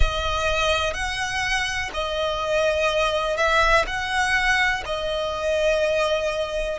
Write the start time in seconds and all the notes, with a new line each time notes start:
0.00 D#5
0.93 F#5
1.93 D#5
3.36 E5
3.87 F#5
4.85 D#5